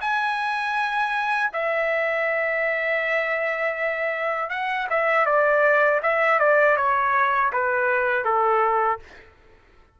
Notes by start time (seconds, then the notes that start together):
0.00 G#5
1.52 E5
4.49 F#5
4.90 E5
5.25 D5
6.02 E5
6.39 D5
6.76 C#5
7.52 B4
8.24 A4